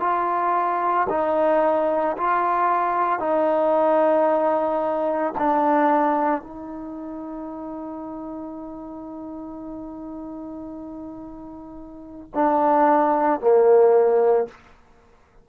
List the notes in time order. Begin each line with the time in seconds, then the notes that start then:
0.00 F4
1.09 D#4
2.17 F4
3.19 D#4
5.38 D4
6.41 D#4
12.34 D4
13.40 A#3